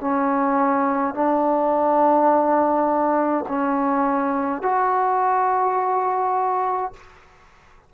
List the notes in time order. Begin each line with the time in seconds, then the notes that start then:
0.00 C#4
1.14 D4
3.48 C#4
4.62 F#4